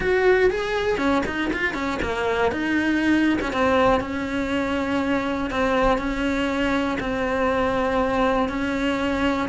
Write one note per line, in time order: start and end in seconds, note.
0.00 0.50 F#4
0.50 0.97 G#4
0.97 1.22 C#4
1.26 1.51 D#4
1.52 1.73 F4
1.73 1.98 C#4
2.02 2.51 A#3
2.51 3.39 D#4
3.41 3.52 C#4
3.52 4.00 C4
4.00 5.50 C#4
5.50 5.97 C4
5.97 6.97 C#4
7.00 8.48 C4
8.48 9.48 C#4